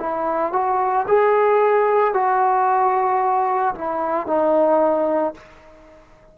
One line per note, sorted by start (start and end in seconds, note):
0.00 0.53 E4
0.53 1.06 F#4
1.08 2.14 G#4
2.14 3.75 F#4
3.75 4.27 E4
4.27 5.34 D#4